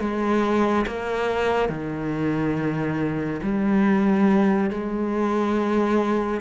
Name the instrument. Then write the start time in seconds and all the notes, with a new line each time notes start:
cello
0.00 G#3
0.87 A#3
1.69 D#3
3.43 G3
4.71 G#3